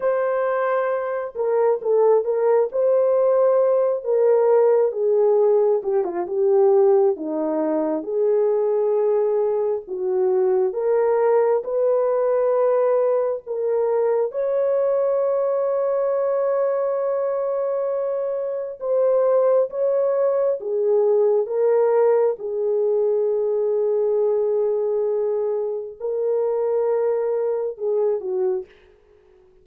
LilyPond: \new Staff \with { instrumentName = "horn" } { \time 4/4 \tempo 4 = 67 c''4. ais'8 a'8 ais'8 c''4~ | c''8 ais'4 gis'4 g'16 f'16 g'4 | dis'4 gis'2 fis'4 | ais'4 b'2 ais'4 |
cis''1~ | cis''4 c''4 cis''4 gis'4 | ais'4 gis'2.~ | gis'4 ais'2 gis'8 fis'8 | }